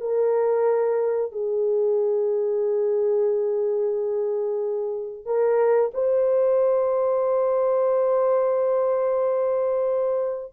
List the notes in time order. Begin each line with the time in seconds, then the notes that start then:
0.00 A#4
1.32 G#4
5.25 A#4
5.94 C5